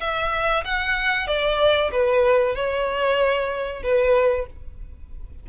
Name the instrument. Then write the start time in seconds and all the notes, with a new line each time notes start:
violin
0.00 E5
0.64 F#5
1.27 D5
1.91 B4
2.55 C#5
3.83 B4